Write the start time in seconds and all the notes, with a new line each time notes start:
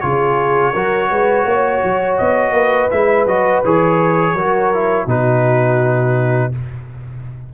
0.00 C#3 F4 G#4 C#5
0.72 F#3 F#4 A#4
1.10 G#3 B4
1.44 A#3 C#5
1.83 F#3
2.17 B3 D#5
2.51 A#3 B4
2.90 G#3 E4 E5
3.26 F#3 F#4 D#5
3.64 E3 G#4 C#5
4.33 F#3 F#4 A#4
4.74 E4
5.06 B2 D#4 F#4 B4